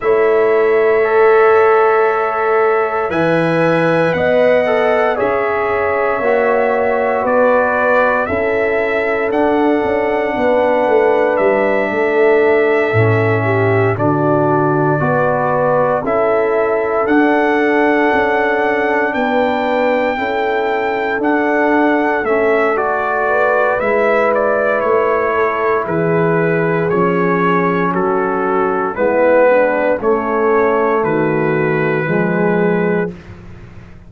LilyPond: <<
  \new Staff \with { instrumentName = "trumpet" } { \time 4/4 \tempo 4 = 58 e''2. gis''4 | fis''4 e''2 d''4 | e''4 fis''2 e''4~ | e''4. d''2 e''8~ |
e''8 fis''2 g''4.~ | g''8 fis''4 e''8 d''4 e''8 d''8 | cis''4 b'4 cis''4 a'4 | b'4 cis''4 b'2 | }
  \new Staff \with { instrumentName = "horn" } { \time 4/4 cis''2. e''4 | dis''4 cis''2 b'4 | a'2 b'4. a'8~ | a'4 g'8 fis'4 b'4 a'8~ |
a'2~ a'8 b'4 a'8~ | a'2~ a'8 b'4.~ | b'8 a'8 gis'2 fis'4 | e'8 d'8 cis'4 fis'4 gis'4 | }
  \new Staff \with { instrumentName = "trombone" } { \time 4/4 e'4 a'2 b'4~ | b'8 a'8 gis'4 fis'2 | e'4 d'2.~ | d'8 cis'4 d'4 fis'4 e'8~ |
e'8 d'2. e'8~ | e'8 d'4 cis'8 fis'4 e'4~ | e'2 cis'2 | b4 a2 gis4 | }
  \new Staff \with { instrumentName = "tuba" } { \time 4/4 a2. e4 | b4 cis'4 ais4 b4 | cis'4 d'8 cis'8 b8 a8 g8 a8~ | a8 a,4 d4 b4 cis'8~ |
cis'8 d'4 cis'4 b4 cis'8~ | cis'8 d'4 a4. gis4 | a4 e4 f4 fis4 | gis4 a4 dis4 f4 | }
>>